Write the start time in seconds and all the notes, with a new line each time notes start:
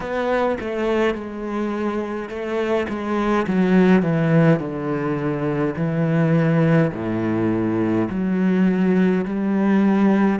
0.00 B3
0.60 A3
1.14 G#3
2.29 A3
2.88 G#3
3.47 F#3
4.02 E3
4.59 D3
5.76 E3
6.92 A2
8.09 F#3
9.25 G3